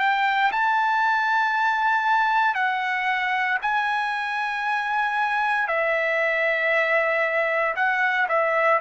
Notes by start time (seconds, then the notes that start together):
0.00 G5
0.52 A5
2.55 F#5
3.63 G#5
5.68 E5
7.76 F#5
8.29 E5